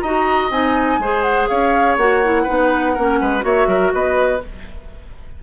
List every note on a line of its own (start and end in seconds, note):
0.00 0.50 D#4
0.00 0.51 F#4
0.00 0.99 D#5
0.00 0.49 A#5
0.50 0.98 C4
0.50 1.00 D#4
0.50 1.22 G#5
0.98 1.47 G#3
0.98 1.99 G#4
0.98 1.49 C5
1.22 1.46 F#5
1.47 1.97 C#4
1.47 2.43 C#5
1.47 1.96 F5
1.97 2.46 A#3
1.97 2.24 F#4
1.97 3.43 F#5
2.24 2.46 E4
2.43 2.95 D#4
2.43 2.92 B4
2.50 2.97 B3
2.94 3.21 A#3
2.94 3.40 C#4
2.94 3.18 A#4
3.21 3.43 G#3
3.21 3.44 B4
3.40 3.67 A#3
3.40 4.38 F#4
3.40 3.67 C#5
3.40 3.93 E5
3.67 3.91 F#3
3.67 3.92 A#4
3.93 4.42 B3
3.93 4.43 B4
3.93 4.42 D#5